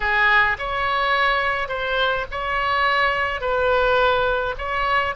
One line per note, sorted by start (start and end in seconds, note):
0.00 0.57 G#4
0.58 1.68 C#5
1.68 2.25 C5
2.31 3.40 C#5
3.40 4.55 B4
4.58 5.15 C#5